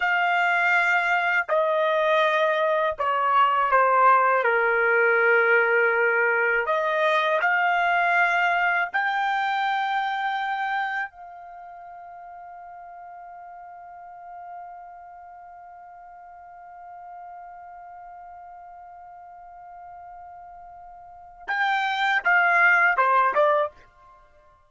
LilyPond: \new Staff \with { instrumentName = "trumpet" } { \time 4/4 \tempo 4 = 81 f''2 dis''2 | cis''4 c''4 ais'2~ | ais'4 dis''4 f''2 | g''2. f''4~ |
f''1~ | f''1~ | f''1~ | f''4 g''4 f''4 c''8 d''8 | }